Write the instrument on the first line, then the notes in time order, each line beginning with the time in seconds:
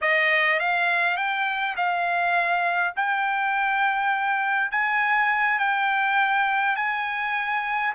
trumpet
0.01 D#5
0.59 F5
1.17 G5
1.76 F5
2.96 G5
4.71 G#5
5.58 G5
6.76 G#5